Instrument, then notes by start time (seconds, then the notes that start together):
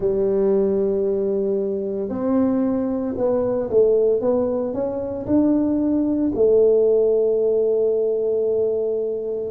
tuba
0.00 G3
2.09 C4
3.17 B3
3.69 A3
4.21 B3
4.73 C#4
5.26 D4
6.34 A3